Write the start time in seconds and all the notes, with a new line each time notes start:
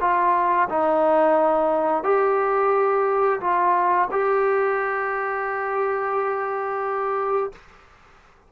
0.00 F4
0.69 D#4
2.03 G4
3.40 F4
4.11 G4